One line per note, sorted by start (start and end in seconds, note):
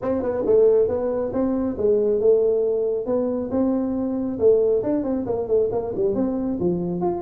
0.02 0.22 C4
0.22 0.44 B3
0.46 0.88 A3
0.88 1.31 B3
1.33 1.76 C4
1.77 2.19 G#3
2.19 3.06 A3
3.06 3.49 B3
3.50 4.38 C4
4.39 4.83 A3
4.83 5.03 D4
5.03 5.25 C4
5.26 5.47 A#3
5.47 5.69 A3
5.71 5.93 A#3
5.95 6.15 G3
6.15 6.58 C4
6.59 7.01 F3
7.01 7.21 F4